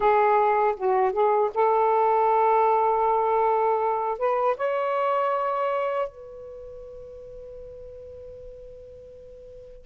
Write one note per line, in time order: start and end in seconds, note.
0.00 0.74 G#4
0.76 1.12 F#4
1.12 1.50 G#4
1.54 4.18 A4
4.18 4.56 B4
4.56 6.08 C#5
6.08 9.86 B4